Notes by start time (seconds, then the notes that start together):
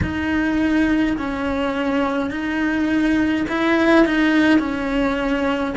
0.02 D#4
1.17 C#4
2.30 D#4
3.48 E4
4.05 D#4
4.59 C#4